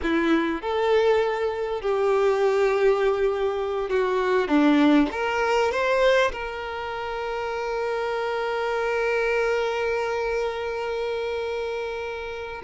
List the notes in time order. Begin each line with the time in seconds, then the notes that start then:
0.02 E4
0.61 A4
1.81 G4
3.89 F#4
4.48 D4
5.11 A#4
5.71 C5
6.32 A#4